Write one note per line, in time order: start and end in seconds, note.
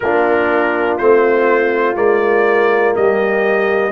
0.00 0.99 A#3
0.00 1.00 D4
0.00 2.97 F4
0.00 0.97 A#4
0.97 1.95 A3
0.97 1.95 C4
0.97 1.96 C5
1.95 2.93 G#3
1.95 3.91 A#3
1.95 2.94 D5
2.95 3.91 G3
2.95 3.91 G4
2.95 3.91 D#5